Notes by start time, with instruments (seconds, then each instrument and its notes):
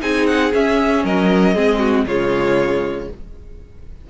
0.00 cello C4, viola D#4, violin G#4 G#5
0.26 violin F#5
0.52 viola C#4, cello C#4, violin E5
1.04 cello F#3, violin A#4 D#5
1.54 cello G#3, viola C4, violin G#4
1.79 violin F#4
2.05 cello C#3, viola G#3, violin F4 C#5